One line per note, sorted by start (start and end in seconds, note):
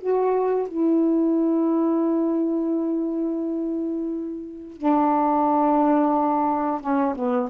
0.00 0.68 F#4
0.68 4.77 E4
4.77 6.81 D4
6.81 7.15 C#4
7.15 7.49 B3